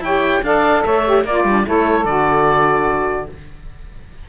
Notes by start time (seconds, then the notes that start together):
0.00 E4 G4 C#5 G5
0.42 D4 A4 D5 F5
0.83 A3 C#5 E5
1.05 G4
1.24 A#3 F4 D5
1.44 G3 D4
1.64 A3 E4 A4 C#5
2.04 D3 F#4 D5